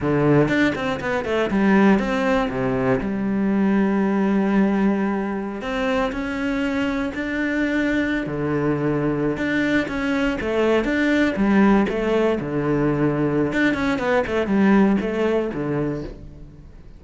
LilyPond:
\new Staff \with { instrumentName = "cello" } { \time 4/4 \tempo 4 = 120 d4 d'8 c'8 b8 a8 g4 | c'4 c4 g2~ | g2.~ g16 c'8.~ | c'16 cis'2 d'4.~ d'16~ |
d'8 d2~ d16 d'4 cis'16~ | cis'8. a4 d'4 g4 a16~ | a8. d2~ d16 d'8 cis'8 | b8 a8 g4 a4 d4 | }